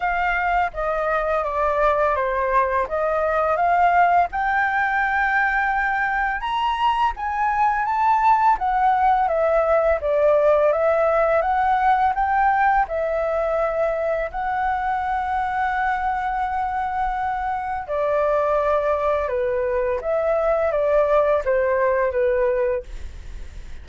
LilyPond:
\new Staff \with { instrumentName = "flute" } { \time 4/4 \tempo 4 = 84 f''4 dis''4 d''4 c''4 | dis''4 f''4 g''2~ | g''4 ais''4 gis''4 a''4 | fis''4 e''4 d''4 e''4 |
fis''4 g''4 e''2 | fis''1~ | fis''4 d''2 b'4 | e''4 d''4 c''4 b'4 | }